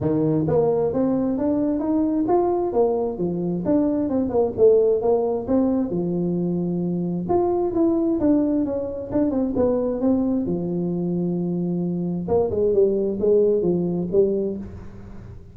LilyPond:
\new Staff \with { instrumentName = "tuba" } { \time 4/4 \tempo 4 = 132 dis4 ais4 c'4 d'4 | dis'4 f'4 ais4 f4 | d'4 c'8 ais8 a4 ais4 | c'4 f2. |
f'4 e'4 d'4 cis'4 | d'8 c'8 b4 c'4 f4~ | f2. ais8 gis8 | g4 gis4 f4 g4 | }